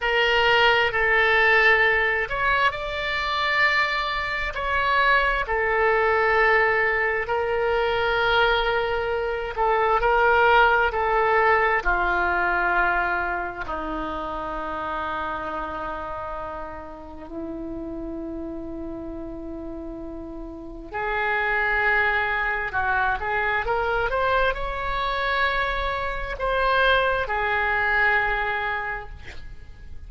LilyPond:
\new Staff \with { instrumentName = "oboe" } { \time 4/4 \tempo 4 = 66 ais'4 a'4. cis''8 d''4~ | d''4 cis''4 a'2 | ais'2~ ais'8 a'8 ais'4 | a'4 f'2 dis'4~ |
dis'2. e'4~ | e'2. gis'4~ | gis'4 fis'8 gis'8 ais'8 c''8 cis''4~ | cis''4 c''4 gis'2 | }